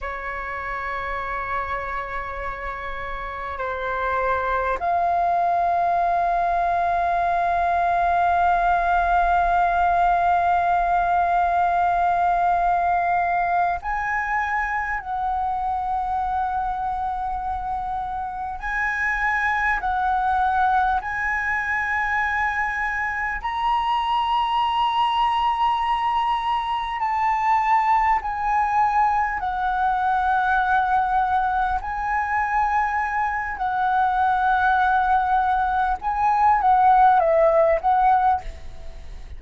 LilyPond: \new Staff \with { instrumentName = "flute" } { \time 4/4 \tempo 4 = 50 cis''2. c''4 | f''1~ | f''2.~ f''8 gis''8~ | gis''8 fis''2. gis''8~ |
gis''8 fis''4 gis''2 ais''8~ | ais''2~ ais''8 a''4 gis''8~ | gis''8 fis''2 gis''4. | fis''2 gis''8 fis''8 e''8 fis''8 | }